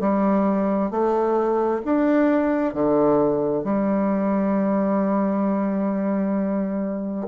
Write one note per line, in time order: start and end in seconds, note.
0.00 0.91 G3
0.91 1.82 A3
1.85 2.74 D4
2.74 3.64 D3
3.64 7.28 G3